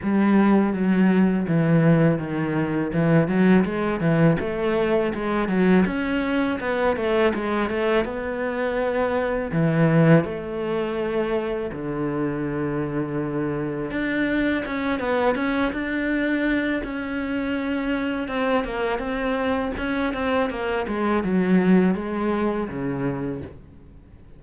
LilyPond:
\new Staff \with { instrumentName = "cello" } { \time 4/4 \tempo 4 = 82 g4 fis4 e4 dis4 | e8 fis8 gis8 e8 a4 gis8 fis8 | cis'4 b8 a8 gis8 a8 b4~ | b4 e4 a2 |
d2. d'4 | cis'8 b8 cis'8 d'4. cis'4~ | cis'4 c'8 ais8 c'4 cis'8 c'8 | ais8 gis8 fis4 gis4 cis4 | }